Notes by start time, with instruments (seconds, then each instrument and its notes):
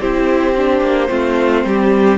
0.00 cello C4, viola E4, violin G4 C5
0.56 viola D4
0.81 cello A#3
1.08 cello A3, viola C4, violin F4
1.64 cello G3, violin G4